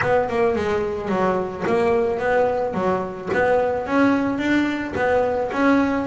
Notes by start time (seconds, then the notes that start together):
0.02 B3
0.29 A#3
0.55 G#3
1.09 F#3
1.66 A#3
2.19 B3
2.74 F#3
3.33 B3
3.86 C#4
4.38 D4
4.95 B3
5.52 C#4